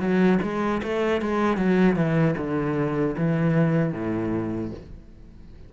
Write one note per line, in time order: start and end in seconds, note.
0.00 0.39 F#3
0.43 0.82 G#3
0.84 1.22 A3
1.22 1.58 G#3
1.58 1.96 F#3
1.96 2.35 E3
2.38 3.16 D3
3.18 3.94 E3
3.94 4.71 A2